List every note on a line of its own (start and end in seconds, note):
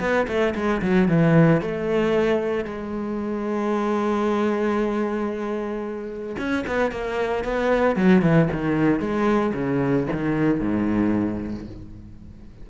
0.00 0.27 B3
0.28 0.54 A3
0.55 0.82 G#3
0.82 1.08 F#3
1.08 1.61 E3
1.61 2.65 A3
2.65 6.36 G#3
6.38 6.65 C#4
6.67 6.92 B3
6.92 7.44 A#3
7.44 7.96 B3
7.96 8.22 F#3
8.22 8.49 E3
8.52 9.00 D#3
9.00 9.53 G#3
9.54 10.07 C#3
10.13 10.60 D#3
10.60 11.66 G#2